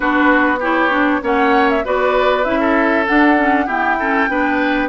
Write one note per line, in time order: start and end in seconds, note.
0.00 1.21 B3
0.00 0.57 D4
0.00 0.59 F#4
0.00 0.59 B4
0.59 0.90 E4
0.59 1.20 G4
0.59 1.24 C#5
0.90 1.21 D4
1.21 1.83 A#3
1.21 1.83 C#4
1.21 1.84 C#5
1.21 1.70 F#5
1.70 1.85 E5
1.84 2.45 B3
1.84 2.44 F#4
1.84 2.60 B4
1.84 2.43 D5
2.43 3.06 C#4
2.43 3.05 E4
2.43 3.05 E5
2.60 3.65 A4
3.06 3.36 D4
3.06 3.67 D4
3.06 3.67 F#5
3.36 3.67 C#4
3.65 3.98 B3
3.65 4.28 E4
3.65 3.96 G4
3.65 4.88 G5
3.99 4.29 C#4
3.99 4.29 A4
4.29 4.88 B3
4.29 4.88 D4
4.29 4.88 B4